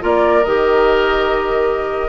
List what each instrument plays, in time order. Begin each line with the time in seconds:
0.00 bassoon A#3, clarinet F4, oboe A#4, flute D5
0.44 bassoon D#3, clarinet G4, flute D#5